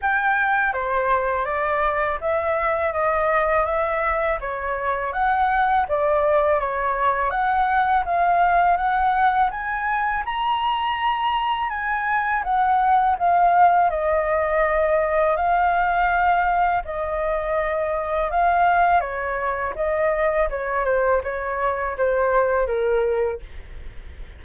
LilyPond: \new Staff \with { instrumentName = "flute" } { \time 4/4 \tempo 4 = 82 g''4 c''4 d''4 e''4 | dis''4 e''4 cis''4 fis''4 | d''4 cis''4 fis''4 f''4 | fis''4 gis''4 ais''2 |
gis''4 fis''4 f''4 dis''4~ | dis''4 f''2 dis''4~ | dis''4 f''4 cis''4 dis''4 | cis''8 c''8 cis''4 c''4 ais'4 | }